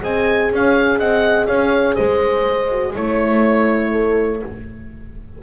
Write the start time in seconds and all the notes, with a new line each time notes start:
0.00 C4 G#4 D#5 G#5
0.51 C#4 C#5 F5
0.99 C4 D#5 F#5
1.46 C#4 C#5 F5
1.95 G#3 C5 D#5
2.71 F#4
2.94 A3 E4 C#5
3.92 A4